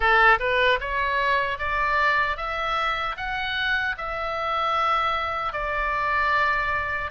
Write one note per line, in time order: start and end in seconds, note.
0.00 0.38 A4
0.39 0.79 B4
0.80 1.58 C#5
1.58 2.36 D5
2.36 3.15 E5
3.16 3.95 F#5
3.97 5.53 E5
5.53 7.11 D5